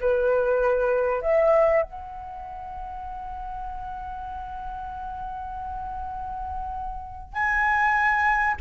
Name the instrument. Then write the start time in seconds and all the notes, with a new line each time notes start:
flute
0.00 B4
1.21 E5
1.82 F#5
7.33 G#5